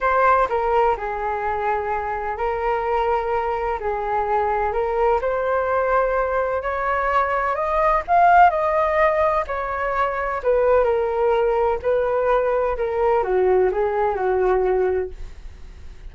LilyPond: \new Staff \with { instrumentName = "flute" } { \time 4/4 \tempo 4 = 127 c''4 ais'4 gis'2~ | gis'4 ais'2. | gis'2 ais'4 c''4~ | c''2 cis''2 |
dis''4 f''4 dis''2 | cis''2 b'4 ais'4~ | ais'4 b'2 ais'4 | fis'4 gis'4 fis'2 | }